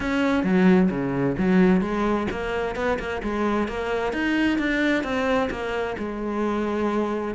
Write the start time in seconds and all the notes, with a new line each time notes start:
0.00 C#4
0.43 F#3
0.90 C#3
1.38 F#3
1.81 G#3
2.30 A#3
2.75 B3
2.99 A#3
3.22 G#3
3.68 A#3
4.12 D#4
4.58 D4
5.03 C4
5.50 A#3
5.98 G#3